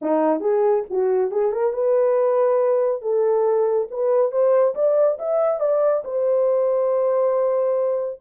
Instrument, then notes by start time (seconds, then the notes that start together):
horn
0.01 D#4
0.40 G#4
0.89 F#4
1.31 G#4
1.52 A#4
1.73 B4
3.01 A4
3.90 B4
4.31 C5
4.74 D5
5.19 E5
5.60 D5
6.04 C5